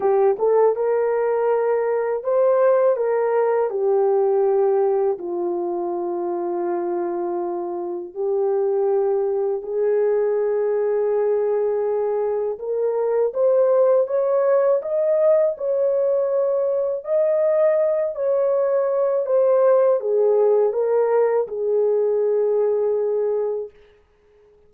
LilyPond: \new Staff \with { instrumentName = "horn" } { \time 4/4 \tempo 4 = 81 g'8 a'8 ais'2 c''4 | ais'4 g'2 f'4~ | f'2. g'4~ | g'4 gis'2.~ |
gis'4 ais'4 c''4 cis''4 | dis''4 cis''2 dis''4~ | dis''8 cis''4. c''4 gis'4 | ais'4 gis'2. | }